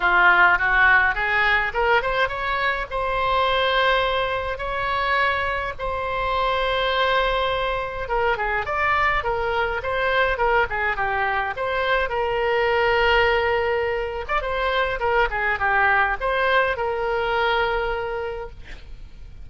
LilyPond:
\new Staff \with { instrumentName = "oboe" } { \time 4/4 \tempo 4 = 104 f'4 fis'4 gis'4 ais'8 c''8 | cis''4 c''2. | cis''2 c''2~ | c''2 ais'8 gis'8 d''4 |
ais'4 c''4 ais'8 gis'8 g'4 | c''4 ais'2.~ | ais'8. d''16 c''4 ais'8 gis'8 g'4 | c''4 ais'2. | }